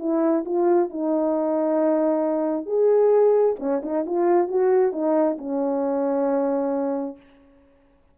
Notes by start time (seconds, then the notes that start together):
0.00 E4
0.45 F4
0.90 D#4
2.66 G#4
3.59 C#4
3.83 D#4
4.06 F4
4.48 F#4
4.92 D#4
5.38 C#4